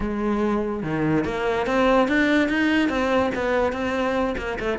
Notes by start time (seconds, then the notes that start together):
0.00 G#3
0.83 D#3
1.25 A#3
1.66 C4
2.07 D4
2.48 D#4
2.89 C4
3.34 B3
3.72 C4
4.37 A#3
4.59 A3